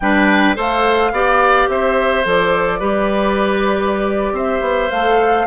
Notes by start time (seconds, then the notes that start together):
0.00 G3 D4 B4 G5
0.55 A3 A4 C5 F5
1.11 B3 G4 D5
1.68 C4 C5 E5
2.24 F3 A4 D5
2.79 G3 G4 B4
4.32 C4 C5 E5
4.60 B3
4.90 A3 A4 F5